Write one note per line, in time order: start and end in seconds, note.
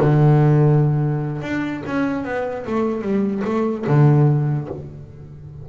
0.00 1.42 D3
1.42 1.83 D4
1.86 2.24 C#4
2.24 2.65 B3
2.66 3.02 A3
3.02 3.43 G3
3.45 3.85 A3
3.87 4.68 D3